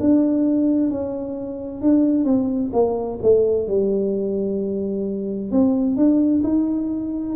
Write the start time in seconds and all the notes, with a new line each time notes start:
0.00 D4
0.90 C#4
1.82 D4
2.24 C4
2.73 A#3
3.22 A3
3.68 G3
5.51 C4
5.97 D4
6.43 D#4